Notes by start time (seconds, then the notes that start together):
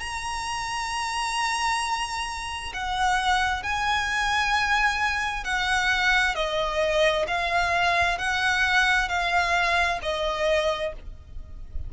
0.00 A#5
2.74 F#5
3.63 G#5
5.44 F#5
6.35 D#5
7.27 F5
8.18 F#5
9.09 F5
10.02 D#5